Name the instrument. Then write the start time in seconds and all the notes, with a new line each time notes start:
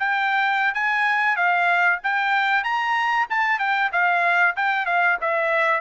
trumpet
0.00 G5
0.75 G#5
1.37 F5
2.04 G5
2.64 A#5
3.30 A5
3.60 G5
3.92 F5
4.56 G5
4.86 F5
5.22 E5